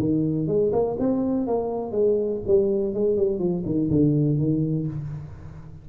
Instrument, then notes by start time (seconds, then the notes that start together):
tuba
0.00 D#3
0.48 G#3
0.73 A#3
1.00 C4
1.47 A#3
1.92 G#3
2.47 G3
2.94 G#3
3.17 G3
3.39 F3
3.66 D#3
3.91 D3
4.38 D#3